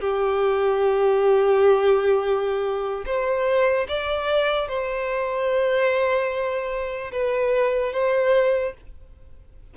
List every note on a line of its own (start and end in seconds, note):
0.00 3.04 G4
3.06 3.87 C5
3.88 4.68 D5
4.68 7.11 C5
7.12 7.92 B4
7.92 8.73 C5